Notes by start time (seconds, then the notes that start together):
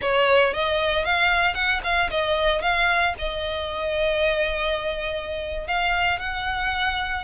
0.01 C#5
0.53 D#5
1.04 F5
1.54 F#5
1.83 F5
2.10 D#5
2.61 F5
3.18 D#5
5.67 F5
6.19 F#5